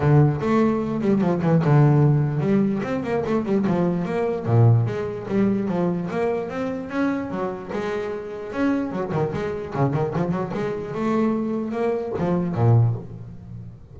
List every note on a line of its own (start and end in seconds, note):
0.00 0.40 D3
0.40 1.01 A3
1.01 1.21 G3
1.21 1.41 F3
1.42 1.62 E3
1.64 2.40 D3
2.40 2.81 G3
2.83 3.03 C4
3.03 3.24 A#3
3.25 3.45 A3
3.45 3.65 G3
3.66 4.05 F3
4.05 4.45 A#3
4.45 4.86 A#2
4.86 5.26 G#3
5.28 5.68 G3
5.68 6.08 F3
6.11 6.49 A#3
6.49 6.89 C4
6.89 7.30 C#4
7.30 7.70 F#3
7.72 8.52 G#3
8.52 8.91 C#4
8.91 9.12 F#3
9.12 9.32 D#3
9.33 9.74 G#3
9.74 9.93 C#3
9.93 10.14 D#3
10.15 10.31 F3
10.31 10.51 F#3
10.54 10.94 G#3
10.94 11.71 A3
11.71 12.12 A#3
12.18 12.54 F3
12.54 12.95 A#2